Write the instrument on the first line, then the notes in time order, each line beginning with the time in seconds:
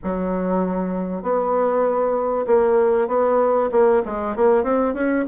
bassoon
0.03 F#3
1.22 B3
2.47 A#3
3.07 B3
3.71 A#3
4.05 G#3
4.36 A#3
4.63 C4
4.94 C#4